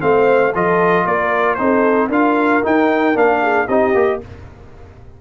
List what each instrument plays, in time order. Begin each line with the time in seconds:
0.00 tuba A3, trombone C4, horn C5, trumpet F5
0.53 tuba F3, trombone F4, horn A4, trumpet D#5
1.05 tuba A#3, horn A#4, trumpet D5
1.55 tuba C4, trombone D#4, horn A4, trumpet C5
2.09 tuba D4, trombone F4, horn A#4, trumpet F5
2.63 trombone D#4, tuba D#4, trumpet G5
3.14 tuba A#3, trombone D4, trumpet F5
3.42 horn G#4
3.66 tuba C4, trombone D#4, horn G4, trumpet D#5
3.94 tuba A#3, trombone G4